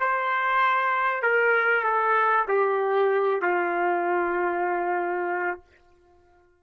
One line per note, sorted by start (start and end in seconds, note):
0.00 1.22 C5
1.22 1.84 A#4
1.84 2.46 A4
2.48 3.42 G4
3.42 5.61 F4